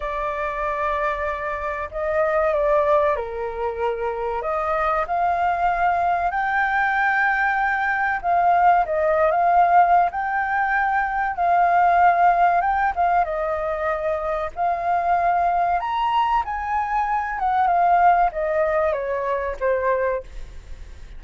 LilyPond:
\new Staff \with { instrumentName = "flute" } { \time 4/4 \tempo 4 = 95 d''2. dis''4 | d''4 ais'2 dis''4 | f''2 g''2~ | g''4 f''4 dis''8. f''4~ f''16 |
g''2 f''2 | g''8 f''8 dis''2 f''4~ | f''4 ais''4 gis''4. fis''8 | f''4 dis''4 cis''4 c''4 | }